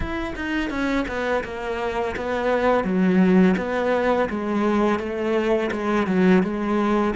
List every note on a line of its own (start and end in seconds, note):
0.00 0.34 E4
0.35 0.69 D#4
0.69 1.05 C#4
1.07 1.43 B3
1.44 2.15 A#3
2.16 2.84 B3
2.84 3.55 F#3
3.57 4.28 B3
4.29 4.99 G#3
4.99 5.70 A3
5.71 6.06 G#3
6.06 6.42 F#3
6.43 7.14 G#3